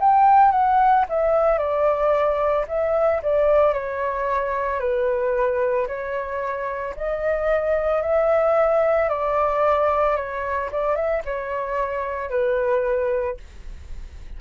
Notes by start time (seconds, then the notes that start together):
0.00 G5
0.52 F#5
1.10 E5
1.59 D5
2.68 E5
3.23 D5
3.74 C#5
4.80 B4
5.88 C#5
6.96 D#5
8.02 E5
9.09 D5
10.17 C#5
10.72 D5
10.96 E5
11.25 C#5
12.30 B4